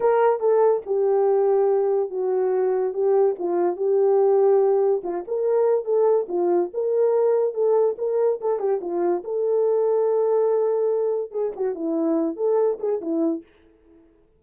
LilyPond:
\new Staff \with { instrumentName = "horn" } { \time 4/4 \tempo 4 = 143 ais'4 a'4 g'2~ | g'4 fis'2 g'4 | f'4 g'2. | f'8 ais'4. a'4 f'4 |
ais'2 a'4 ais'4 | a'8 g'8 f'4 a'2~ | a'2. gis'8 fis'8 | e'4. a'4 gis'8 e'4 | }